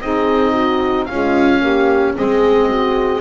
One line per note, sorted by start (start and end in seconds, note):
0.00 1.08 C4
0.00 1.08 D#4
0.00 0.52 G#4
0.00 1.05 D#5
0.52 1.06 F#4
1.05 1.60 G#3
1.05 2.16 C#4
1.05 1.62 F4
1.05 2.12 F5
1.60 2.14 A#3
1.60 2.14 G4
2.14 3.20 G#3
2.14 3.20 C4
2.14 2.67 G#4
2.14 3.20 D#5
2.67 3.20 F#4